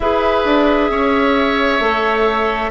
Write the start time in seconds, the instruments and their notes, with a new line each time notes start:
0.00 bassoon E4, clarinet G#4, oboe B4, flute E5
0.45 bassoon D4
0.90 bassoon C#4, oboe C#5
1.80 bassoon A3, clarinet A4